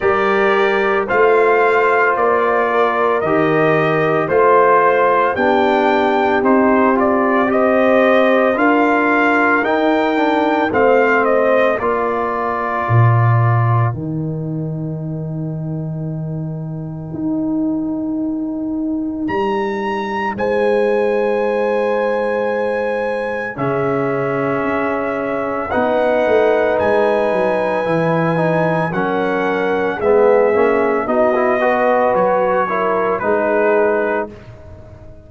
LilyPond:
<<
  \new Staff \with { instrumentName = "trumpet" } { \time 4/4 \tempo 4 = 56 d''4 f''4 d''4 dis''4 | c''4 g''4 c''8 d''8 dis''4 | f''4 g''4 f''8 dis''8 d''4~ | d''4 g''2.~ |
g''2 ais''4 gis''4~ | gis''2 e''2 | fis''4 gis''2 fis''4 | e''4 dis''4 cis''4 b'4 | }
  \new Staff \with { instrumentName = "horn" } { \time 4/4 ais'4 c''4. ais'4. | c''4 g'2 c''4 | ais'2 c''4 ais'4~ | ais'1~ |
ais'2. c''4~ | c''2 gis'2 | b'2. ais'4 | gis'4 fis'8 b'4 ais'8 gis'4 | }
  \new Staff \with { instrumentName = "trombone" } { \time 4/4 g'4 f'2 g'4 | f'4 d'4 dis'8 f'8 g'4 | f'4 dis'8 d'8 c'4 f'4~ | f'4 dis'2.~ |
dis'1~ | dis'2 cis'2 | dis'2 e'8 dis'8 cis'4 | b8 cis'8 dis'16 e'16 fis'4 e'8 dis'4 | }
  \new Staff \with { instrumentName = "tuba" } { \time 4/4 g4 a4 ais4 dis4 | a4 b4 c'2 | d'4 dis'4 a4 ais4 | ais,4 dis2. |
dis'2 g4 gis4~ | gis2 cis4 cis'4 | b8 a8 gis8 fis8 e4 fis4 | gis8 ais8 b4 fis4 gis4 | }
>>